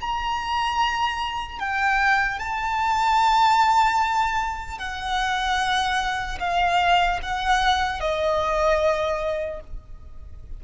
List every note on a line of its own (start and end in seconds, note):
0.00 1.59 A#5
1.59 2.39 G5
2.39 4.78 A5
4.78 6.38 F#5
6.39 7.19 F5
7.22 8.00 F#5
8.00 9.60 D#5